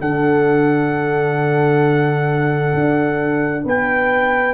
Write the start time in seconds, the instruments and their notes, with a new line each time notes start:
0.00 tuba D3, trombone D4, horn A4, trumpet F#5
2.73 tuba D4
3.64 tuba B3, horn B4, trumpet G5